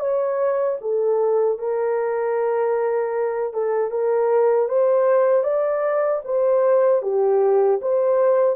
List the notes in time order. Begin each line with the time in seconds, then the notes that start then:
0.00 C#5
0.81 A4
1.59 A#4
3.54 A4
3.91 A#4
4.69 C5
5.44 D5
6.25 C5
7.03 G4
7.82 C5